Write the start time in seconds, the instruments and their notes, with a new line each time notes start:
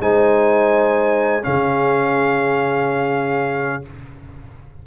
0.00 tuba G#3, trombone D#4, horn C5, trumpet G#5
1.43 tuba C#3, trombone C#4, horn G#4, trumpet F5